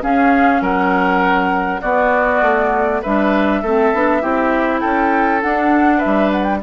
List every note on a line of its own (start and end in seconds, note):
0.00 1.80 C#4
0.00 0.61 C#4
0.00 0.61 G#4
0.00 0.62 F5
0.61 1.81 F#3
0.61 1.81 A#4
0.61 1.81 F#5
1.81 2.41 B3
1.81 3.03 B3
1.81 3.01 F#4
1.81 3.01 D5
2.41 3.01 A3
3.01 3.62 G3
3.01 3.64 D4
3.01 3.61 B4
3.01 4.80 E5
3.62 3.92 A3
3.62 3.94 C4
3.62 4.22 A4
3.93 4.23 B3
3.93 4.21 D4
4.21 4.83 C4
4.21 5.41 E4
4.21 4.80 G4
4.80 5.44 C#4
4.80 5.97 A4
4.80 5.40 G5
5.41 6.61 D4
5.41 6.04 D4
5.41 6.00 F#5
5.97 6.57 B4
5.97 6.30 E5
6.05 6.62 G3
6.31 6.43 F#5
6.43 6.58 G5